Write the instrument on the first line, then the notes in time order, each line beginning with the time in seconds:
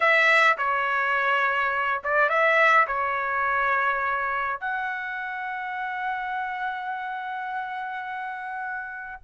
trumpet
0.00 E5
0.57 C#5
2.03 D5
2.29 E5
2.87 C#5
4.60 F#5